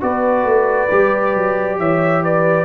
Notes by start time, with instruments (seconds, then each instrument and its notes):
0.00 tuba B3, trombone F#4, horn B4, trumpet D5
0.44 tuba A3
0.90 tuba G3, trombone G4
1.34 tuba F#3
1.78 tuba E3, horn C#5, trumpet E5
2.23 horn B4, trumpet D5